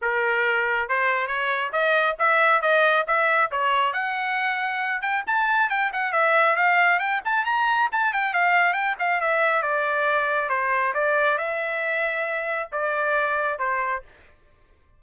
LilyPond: \new Staff \with { instrumentName = "trumpet" } { \time 4/4 \tempo 4 = 137 ais'2 c''4 cis''4 | dis''4 e''4 dis''4 e''4 | cis''4 fis''2~ fis''8 g''8 | a''4 g''8 fis''8 e''4 f''4 |
g''8 a''8 ais''4 a''8 g''8 f''4 | g''8 f''8 e''4 d''2 | c''4 d''4 e''2~ | e''4 d''2 c''4 | }